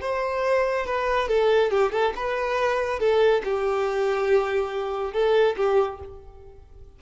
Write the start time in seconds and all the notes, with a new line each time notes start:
0.00 C5
0.86 B4
1.28 A4
1.70 G4
1.91 A4
2.15 B4
2.99 A4
3.44 G4
5.13 A4
5.56 G4